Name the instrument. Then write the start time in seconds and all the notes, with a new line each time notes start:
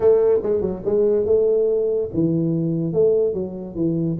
tuba
0.00 A3
0.42 G#3
0.61 F#3
0.85 G#3
1.25 A3
2.13 E3
2.93 A3
3.33 F#3
3.75 E3